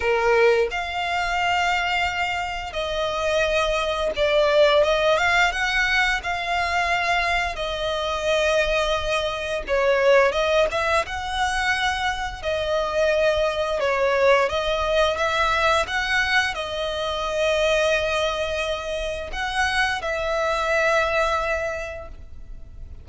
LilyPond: \new Staff \with { instrumentName = "violin" } { \time 4/4 \tempo 4 = 87 ais'4 f''2. | dis''2 d''4 dis''8 f''8 | fis''4 f''2 dis''4~ | dis''2 cis''4 dis''8 e''8 |
fis''2 dis''2 | cis''4 dis''4 e''4 fis''4 | dis''1 | fis''4 e''2. | }